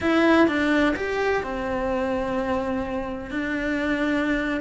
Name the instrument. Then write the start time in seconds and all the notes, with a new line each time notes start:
cello
0.00 E4
0.47 D4
0.96 G4
1.43 C4
3.30 D4